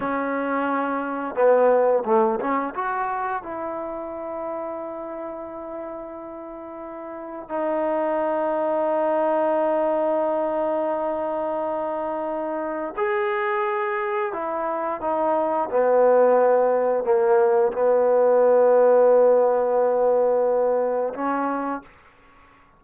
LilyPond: \new Staff \with { instrumentName = "trombone" } { \time 4/4 \tempo 4 = 88 cis'2 b4 a8 cis'8 | fis'4 e'2.~ | e'2. dis'4~ | dis'1~ |
dis'2. gis'4~ | gis'4 e'4 dis'4 b4~ | b4 ais4 b2~ | b2. cis'4 | }